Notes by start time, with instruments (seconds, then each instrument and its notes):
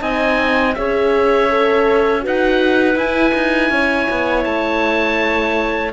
0.00 cello C4, horn D#4, clarinet D#5, oboe G#5
0.75 cello C#4, horn G#4, clarinet C#5, oboe E5
1.50 horn A4
2.20 cello D#4, horn F#4, clarinet B4
2.27 oboe F#5
2.95 cello E4, horn E4, oboe G#5
3.34 cello D#4
3.70 cello C#4, clarinet C#5
4.10 cello B3
4.44 cello A3, oboe A5